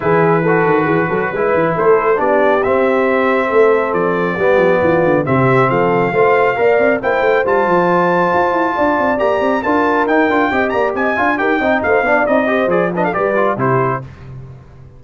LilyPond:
<<
  \new Staff \with { instrumentName = "trumpet" } { \time 4/4 \tempo 4 = 137 b'1 | c''4 d''4 e''2~ | e''4 d''2. | e''4 f''2. |
g''4 a''2.~ | a''4 ais''4 a''4 g''4~ | g''8 ais''8 gis''4 g''4 f''4 | dis''4 d''8 dis''16 f''16 d''4 c''4 | }
  \new Staff \with { instrumentName = "horn" } { \time 4/4 gis'4 a'4 gis'8 a'8 b'4 | a'4 g'2. | a'2 g'4 f'4 | g'4 a'4 c''4 d''4 |
c''1 | d''2 ais'2 | dis''8 d''8 dis''8 f''8 ais'8 dis''8 c''8 d''8~ | d''8 c''4 b'16 a'16 b'4 g'4 | }
  \new Staff \with { instrumentName = "trombone" } { \time 4/4 e'4 fis'2 e'4~ | e'4 d'4 c'2~ | c'2 b2 | c'2 f'4 ais'4 |
e'4 f'2.~ | f'4 g'4 f'4 dis'8 f'8 | g'4. f'8 g'8 dis'4 d'8 | dis'8 g'8 gis'8 d'8 g'8 f'8 e'4 | }
  \new Staff \with { instrumentName = "tuba" } { \time 4/4 e4. dis8 e8 fis8 gis8 e8 | a4 b4 c'2 | a4 f4 g8 f8 e8 d8 | c4 f4 a4 ais8 c'8 |
ais8 a8 g8 f4. f'8 e'8 | d'8 c'8 ais8 c'8 d'4 dis'8 d'8 | c'8 ais8 c'8 d'8 dis'8 c'8 a8 b8 | c'4 f4 g4 c4 | }
>>